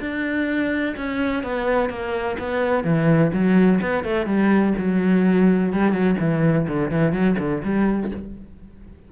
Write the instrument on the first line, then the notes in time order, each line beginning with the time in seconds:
cello
0.00 D4
0.97 C#4
1.43 B3
1.90 A#3
2.39 B3
2.84 E3
3.33 F#3
3.82 B3
4.04 A3
4.26 G3
4.78 F#3
5.73 G3
5.92 F#3
6.20 E3
6.68 D3
6.91 E3
7.13 F#3
7.39 D3
7.64 G3